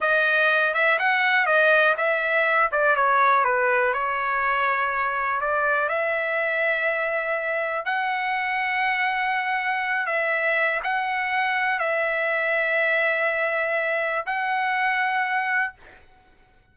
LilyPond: \new Staff \with { instrumentName = "trumpet" } { \time 4/4 \tempo 4 = 122 dis''4. e''8 fis''4 dis''4 | e''4. d''8 cis''4 b'4 | cis''2. d''4 | e''1 |
fis''1~ | fis''8 e''4. fis''2 | e''1~ | e''4 fis''2. | }